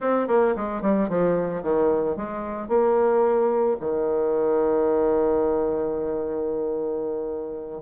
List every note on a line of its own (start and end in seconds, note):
0.00 0.27 C4
0.27 0.54 A#3
0.56 0.81 G#3
0.81 1.08 G3
1.08 1.62 F3
1.62 2.16 D#3
2.16 2.68 G#3
2.68 3.76 A#3
3.80 7.82 D#3